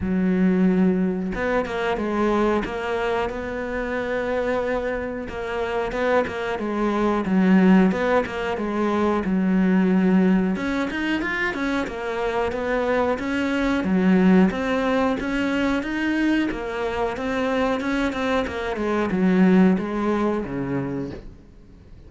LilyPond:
\new Staff \with { instrumentName = "cello" } { \time 4/4 \tempo 4 = 91 fis2 b8 ais8 gis4 | ais4 b2. | ais4 b8 ais8 gis4 fis4 | b8 ais8 gis4 fis2 |
cis'8 dis'8 f'8 cis'8 ais4 b4 | cis'4 fis4 c'4 cis'4 | dis'4 ais4 c'4 cis'8 c'8 | ais8 gis8 fis4 gis4 cis4 | }